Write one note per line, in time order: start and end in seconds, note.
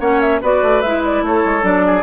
0.00 0.41 A#3
0.00 0.41 C#4
0.00 0.41 C#5
0.00 0.20 F#5
0.20 0.41 E5
0.41 0.63 B3
0.41 0.84 F#4
0.41 1.23 B4
0.41 0.81 D5
0.63 0.83 A3
0.81 1.22 G#3
0.81 1.61 E4
0.81 1.02 E5
1.05 1.25 D5
1.22 1.42 A3
1.22 1.86 A4
1.22 1.65 C#5
1.45 1.63 G#3
1.61 2.03 F#3
1.61 2.02 D4
1.61 2.03 D5
1.86 2.03 G#4